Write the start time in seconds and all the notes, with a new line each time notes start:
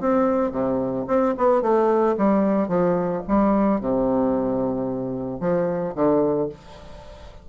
0.00 C4
0.51 C3
1.07 C4
1.37 B3
1.62 A3
2.17 G3
2.68 F3
3.27 G3
3.81 C3
5.40 F3
5.95 D3